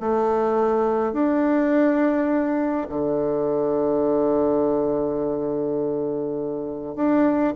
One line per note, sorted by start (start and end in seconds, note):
0.00 1.13 A3
1.13 2.87 D4
2.89 6.96 D3
6.96 7.54 D4